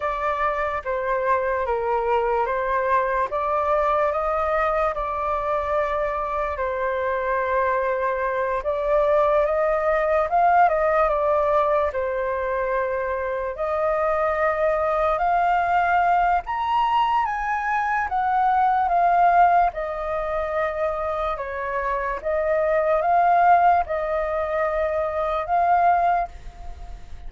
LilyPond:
\new Staff \with { instrumentName = "flute" } { \time 4/4 \tempo 4 = 73 d''4 c''4 ais'4 c''4 | d''4 dis''4 d''2 | c''2~ c''8 d''4 dis''8~ | dis''8 f''8 dis''8 d''4 c''4.~ |
c''8 dis''2 f''4. | ais''4 gis''4 fis''4 f''4 | dis''2 cis''4 dis''4 | f''4 dis''2 f''4 | }